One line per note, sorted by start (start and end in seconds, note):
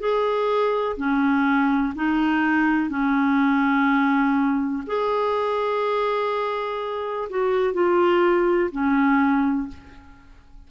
0.00 0.97 G#4
0.97 1.94 C#4
1.95 2.90 D#4
2.90 4.83 C#4
4.87 7.29 G#4
7.30 7.74 F#4
7.74 8.71 F4
8.72 9.69 C#4